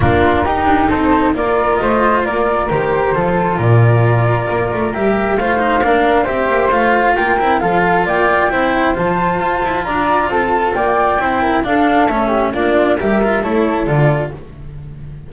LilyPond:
<<
  \new Staff \with { instrumentName = "flute" } { \time 4/4 \tempo 4 = 134 ais'2 c''4 d''4 | dis''4 d''4 c''2 | d''2. e''4 | f''2 e''4 f''4 |
g''4 f''4 g''2 | a''2 ais''4 a''4 | g''2 f''4 e''4 | d''4 e''4 cis''4 d''4 | }
  \new Staff \with { instrumentName = "flute" } { \time 4/4 f'4 g'4 a'4 ais'4 | c''4 ais'2 a'4 | ais'1 | c''4 ais'4 c''2 |
ais'4 a'4 d''4 c''4~ | c''2 d''4 a'4 | d''4 c''8 ais'8 a'4. g'8 | f'4 ais'4 a'2 | }
  \new Staff \with { instrumentName = "cello" } { \time 4/4 d'4 dis'2 f'4~ | f'2 g'4 f'4~ | f'2. g'4 | f'8 dis'8 d'4 g'4 f'4~ |
f'8 e'8 f'2 e'4 | f'1~ | f'4 e'4 d'4 cis'4 | d'4 g'8 f'8 e'4 f'4 | }
  \new Staff \with { instrumentName = "double bass" } { \time 4/4 ais4 dis'8 d'8 c'4 ais4 | a4 ais4 dis4 f4 | ais,2 ais8 a8 g4 | a4 ais4 c'8 ais8 a4 |
ais8 c'8 f4 ais4 c'4 | f4 f'8 e'8 d'4 c'4 | ais4 c'4 d'4 a4 | ais4 g4 a4 d4 | }
>>